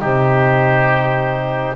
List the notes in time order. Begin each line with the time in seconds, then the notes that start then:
0.00 C3 D#4 G4 C5